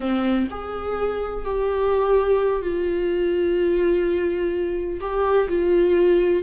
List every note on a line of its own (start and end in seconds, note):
0.00 0.48 C4
0.50 1.44 G#4
1.44 2.61 G4
2.61 5.00 F4
5.00 5.48 G4
5.48 6.42 F4